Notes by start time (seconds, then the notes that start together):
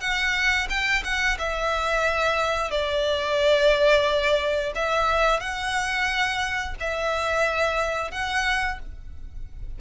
0.00 F#5
0.69 G5
1.04 F#5
1.38 E5
2.71 D5
4.75 E5
5.40 F#5
6.80 E5
8.11 F#5